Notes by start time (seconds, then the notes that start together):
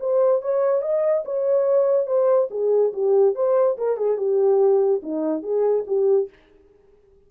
0.00 C5
0.42 C#5
0.82 D#5
1.25 C#5
2.07 C5
2.51 G#4
2.93 G4
3.35 C5
3.78 A#4
3.97 G#4
4.18 G4
5.03 D#4
5.43 G#4
5.87 G4